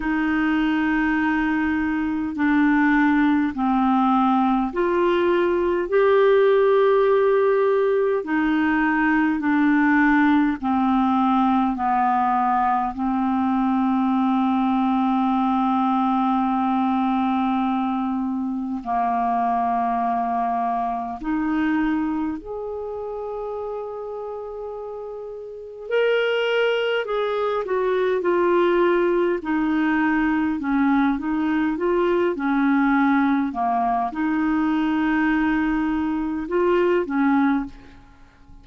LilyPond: \new Staff \with { instrumentName = "clarinet" } { \time 4/4 \tempo 4 = 51 dis'2 d'4 c'4 | f'4 g'2 dis'4 | d'4 c'4 b4 c'4~ | c'1 |
ais2 dis'4 gis'4~ | gis'2 ais'4 gis'8 fis'8 | f'4 dis'4 cis'8 dis'8 f'8 cis'8~ | cis'8 ais8 dis'2 f'8 cis'8 | }